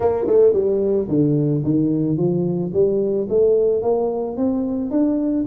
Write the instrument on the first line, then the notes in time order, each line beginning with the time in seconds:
tuba
0.00 A#3
0.27 A3
0.53 G3
1.08 D3
1.63 D#3
2.17 F3
2.73 G3
3.29 A3
3.82 A#3
4.37 C4
4.90 D4